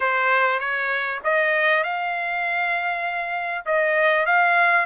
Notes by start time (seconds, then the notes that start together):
0.00 C5
0.59 C#5
1.23 D#5
1.83 F5
3.65 D#5
4.26 F5